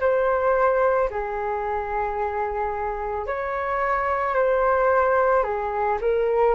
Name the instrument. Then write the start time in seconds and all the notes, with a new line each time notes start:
flute
0.00 C5
1.10 G#4
3.26 C#5
4.34 C5
5.43 G#4
6.00 A#4